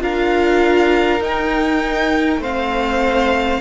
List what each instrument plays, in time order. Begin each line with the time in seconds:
0.00 cello D4, viola F4, violin A#4 F5
1.20 cello D#4, viola D#4, violin G5
2.37 cello A3, viola C4, violin C5 F5